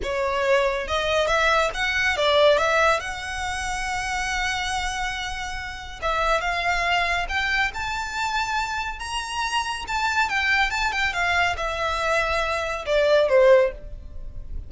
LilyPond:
\new Staff \with { instrumentName = "violin" } { \time 4/4 \tempo 4 = 140 cis''2 dis''4 e''4 | fis''4 d''4 e''4 fis''4~ | fis''1~ | fis''2 e''4 f''4~ |
f''4 g''4 a''2~ | a''4 ais''2 a''4 | g''4 a''8 g''8 f''4 e''4~ | e''2 d''4 c''4 | }